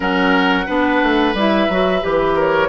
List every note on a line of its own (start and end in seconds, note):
0.00 0.67 F#3
0.00 0.64 C#4
0.00 0.66 A#4
0.00 1.35 F#5
0.66 1.02 B3
0.66 1.35 D4
0.66 2.34 B4
1.02 1.34 A3
1.34 1.67 G3
1.34 1.70 E4
1.34 2.04 E5
1.68 2.02 F#3
1.68 2.01 F#4
2.01 2.68 E3
2.01 2.68 G4
2.01 2.37 B4
2.35 2.68 A#4
2.35 2.68 C#5